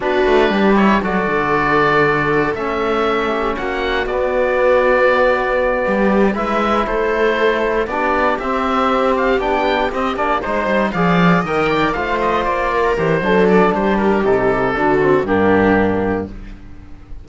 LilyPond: <<
  \new Staff \with { instrumentName = "oboe" } { \time 4/4 \tempo 4 = 118 b'4. cis''8 d''2~ | d''4 e''2 fis''4 | d''1~ | d''8 e''4 c''2 d''8~ |
d''8 e''4. f''8 g''4 dis''8 | d''8 c''4 f''4 g''4 f''8 | dis''8 d''4 c''4 d''8 c''8 ais'8 | a'2 g'2 | }
  \new Staff \with { instrumentName = "viola" } { \time 4/4 fis'4 g'4 a'2~ | a'2~ a'8 g'8 fis'4~ | fis'2.~ fis'8 g'8~ | g'8 b'4 a'2 g'8~ |
g'1~ | g'8 c''4 d''4 dis''8 d''8 c''8~ | c''4 ais'4 a'4 g'4~ | g'4 fis'4 d'2 | }
  \new Staff \with { instrumentName = "trombone" } { \time 4/4 d'4. e'8 fis'2~ | fis'4 cis'2. | b1~ | b8 e'2. d'8~ |
d'8 c'2 d'4 c'8 | d'8 dis'4 gis'4 ais'4 f'8~ | f'4. g'8 d'2 | dis'4 d'8 c'8 ais2 | }
  \new Staff \with { instrumentName = "cello" } { \time 4/4 b8 a8 g4 fis8 d4.~ | d4 a2 ais4 | b2.~ b8 g8~ | g8 gis4 a2 b8~ |
b8 c'2 b4 c'8 | ais8 gis8 g8 f4 dis4 a8~ | a8 ais4 e8 fis4 g4 | c4 d4 g,2 | }
>>